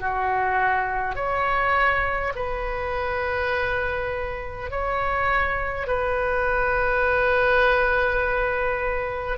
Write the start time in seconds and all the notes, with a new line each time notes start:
0.00 F#4
1.16 C#5
2.36 B4
4.71 C#5
5.87 B4